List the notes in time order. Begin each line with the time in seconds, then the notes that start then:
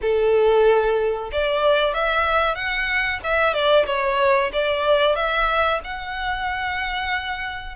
0.01 A4
1.32 D5
1.94 E5
2.55 F#5
3.23 E5
3.53 D5
3.86 C#5
4.52 D5
5.15 E5
5.84 F#5